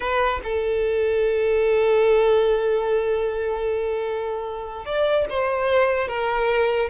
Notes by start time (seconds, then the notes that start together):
0.00 B4
0.43 A4
4.85 D5
5.29 C5
6.08 A#4